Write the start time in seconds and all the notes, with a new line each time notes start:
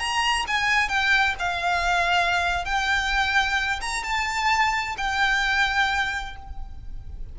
0.00 A#5
0.48 G#5
0.89 G5
1.40 F5
2.65 G5
3.82 A#5
4.04 A5
4.98 G5